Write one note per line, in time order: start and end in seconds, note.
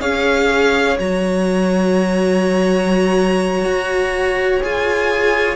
0.00 0.98 C#4
0.00 0.97 G#4
0.00 5.56 C#5
0.00 0.98 F5
0.99 3.65 F#3
0.99 4.61 F#4
0.99 4.62 A#5
3.65 4.62 F#4
4.61 5.56 F4
4.61 5.56 G#4
4.61 5.56 G#5